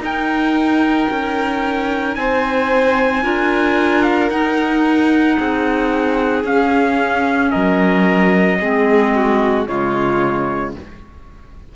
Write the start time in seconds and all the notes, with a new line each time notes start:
0.00 D#4 A#4 G5
1.10 C#4
2.15 C4 C5 G#5
3.23 D4 F4 A#4
4.02 F5
4.30 D#4 F#5
5.39 C4 G#4
6.44 C#4 F5
7.50 F#3 A#4 D#5
8.60 G#3 C4 G#4
9.15 F#4
9.65 C#3 G#3 F4 C#5